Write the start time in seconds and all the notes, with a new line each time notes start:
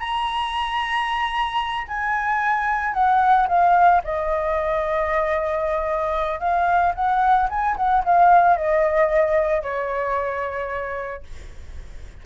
0.00 A#5
1.88 G#5
2.94 F#5
3.48 F5
4.04 D#5
6.40 F5
6.95 F#5
7.50 G#5
7.77 F#5
8.05 F5
8.57 D#5
9.63 C#5